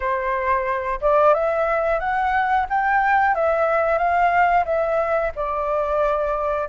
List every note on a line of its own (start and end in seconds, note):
0.00 1.00 C5
1.01 1.33 D5
1.33 1.99 E5
1.99 2.66 F#5
2.69 3.35 G5
3.35 3.98 E5
3.98 4.64 F5
4.65 5.32 E5
5.35 6.68 D5